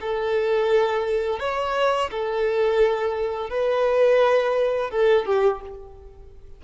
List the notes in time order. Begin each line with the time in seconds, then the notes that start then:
0.00 A4
1.39 C#5
2.10 A4
3.49 B4
4.90 A4
5.25 G4